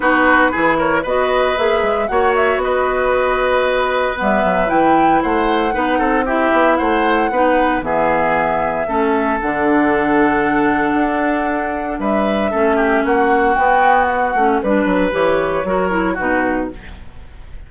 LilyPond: <<
  \new Staff \with { instrumentName = "flute" } { \time 4/4 \tempo 4 = 115 b'4. cis''8 dis''4 e''4 | fis''8 e''8 dis''2. | e''4 g''4 fis''2 | e''4 fis''2 e''4~ |
e''2 fis''2~ | fis''2. e''4~ | e''4 fis''4 g''4 fis''4 | b'4 cis''2 b'4 | }
  \new Staff \with { instrumentName = "oboe" } { \time 4/4 fis'4 gis'8 ais'8 b'2 | cis''4 b'2.~ | b'2 c''4 b'8 a'8 | g'4 c''4 b'4 gis'4~ |
gis'4 a'2.~ | a'2. b'4 | a'8 g'8 fis'2. | b'2 ais'4 fis'4 | }
  \new Staff \with { instrumentName = "clarinet" } { \time 4/4 dis'4 e'4 fis'4 gis'4 | fis'1 | b4 e'2 dis'4 | e'2 dis'4 b4~ |
b4 cis'4 d'2~ | d'1 | cis'2 b4. cis'8 | d'4 g'4 fis'8 e'8 dis'4 | }
  \new Staff \with { instrumentName = "bassoon" } { \time 4/4 b4 e4 b4 ais8 gis8 | ais4 b2. | g8 fis8 e4 a4 b8 c'8~ | c'8 b8 a4 b4 e4~ |
e4 a4 d2~ | d4 d'2 g4 | a4 ais4 b4. a8 | g8 fis8 e4 fis4 b,4 | }
>>